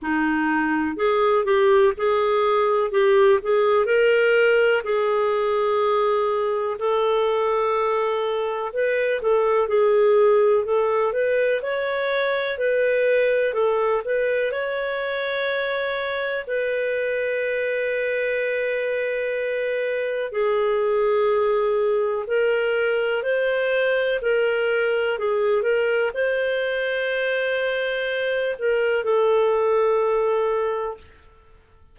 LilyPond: \new Staff \with { instrumentName = "clarinet" } { \time 4/4 \tempo 4 = 62 dis'4 gis'8 g'8 gis'4 g'8 gis'8 | ais'4 gis'2 a'4~ | a'4 b'8 a'8 gis'4 a'8 b'8 | cis''4 b'4 a'8 b'8 cis''4~ |
cis''4 b'2.~ | b'4 gis'2 ais'4 | c''4 ais'4 gis'8 ais'8 c''4~ | c''4. ais'8 a'2 | }